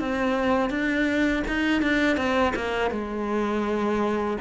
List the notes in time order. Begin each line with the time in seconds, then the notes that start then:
0.00 C4
0.70 D4
1.48 D#4
1.82 D4
2.17 C4
2.56 A#3
2.91 G#3